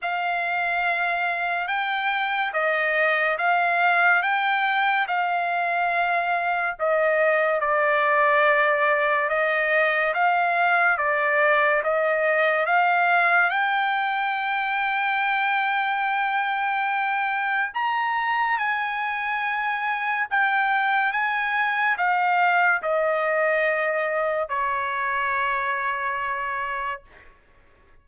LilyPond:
\new Staff \with { instrumentName = "trumpet" } { \time 4/4 \tempo 4 = 71 f''2 g''4 dis''4 | f''4 g''4 f''2 | dis''4 d''2 dis''4 | f''4 d''4 dis''4 f''4 |
g''1~ | g''4 ais''4 gis''2 | g''4 gis''4 f''4 dis''4~ | dis''4 cis''2. | }